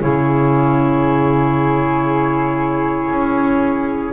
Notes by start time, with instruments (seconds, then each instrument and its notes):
0.00 double bass C#3, clarinet E4, flute G#4 C#5
3.10 double bass C#4